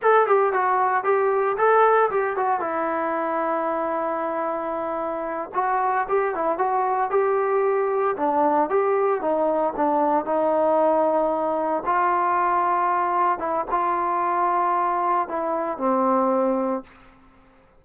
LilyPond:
\new Staff \with { instrumentName = "trombone" } { \time 4/4 \tempo 4 = 114 a'8 g'8 fis'4 g'4 a'4 | g'8 fis'8 e'2.~ | e'2~ e'8 fis'4 g'8 | e'8 fis'4 g'2 d'8~ |
d'8 g'4 dis'4 d'4 dis'8~ | dis'2~ dis'8 f'4.~ | f'4. e'8 f'2~ | f'4 e'4 c'2 | }